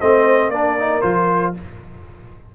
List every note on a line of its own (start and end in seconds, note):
0.00 0.49 A3
0.00 0.53 C4
0.00 0.51 C5
0.00 0.51 D#5
0.49 1.01 A#3
0.49 0.79 D4
0.49 1.55 A#4
0.49 1.01 D5
0.79 1.02 D#4
1.01 1.55 F3
1.01 1.54 F4
1.01 1.53 C5